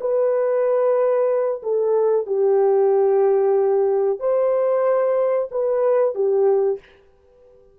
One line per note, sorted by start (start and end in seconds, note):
0.00 1.61 B4
1.62 2.26 A4
2.26 4.19 G4
4.19 5.48 C5
5.51 6.14 B4
6.14 6.79 G4